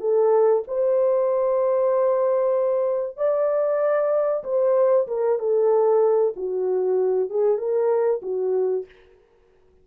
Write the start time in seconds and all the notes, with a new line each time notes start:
0.00 A4
0.67 C5
3.17 D5
4.44 C5
5.07 A#4
5.39 A4
6.36 F#4
7.30 G#4
7.58 A#4
8.22 F#4